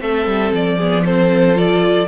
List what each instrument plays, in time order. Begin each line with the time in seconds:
0.00 cello A3, viola C4, violin A4 E5
0.26 cello G3
0.54 cello F3, violin D5
0.78 viola B3, violin G#4
1.06 viola C4, violin A4 C5
1.55 viola F4, violin D5